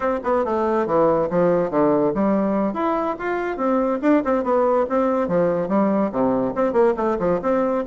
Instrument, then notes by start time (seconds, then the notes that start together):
bassoon
0.00 C4
0.23 B3
0.44 A3
0.86 E3
1.29 F3
1.70 D3
2.14 G3
2.73 E4
3.18 F4
3.57 C4
4.02 D4
4.24 C4
4.43 B3
4.89 C4
5.28 F3
5.68 G3
6.12 C3
6.55 C4
6.72 A#3
6.96 A3
7.19 F3
7.42 C4